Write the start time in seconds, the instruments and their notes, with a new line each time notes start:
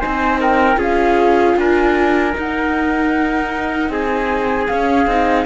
0.00 cello C4, viola D#4, trumpet C5, flute G#5
0.41 trumpet A#4, flute G5
0.76 cello C#4, viola F4, trumpet G#4, flute F5
1.56 cello D4, trumpet A#4, flute G#5
2.34 viola D#4, cello D#4, flute F#5
3.89 cello C4, trumpet G#4, flute G#5
4.68 cello C#4, viola C#4, flute F5
5.07 cello C4, viola D#4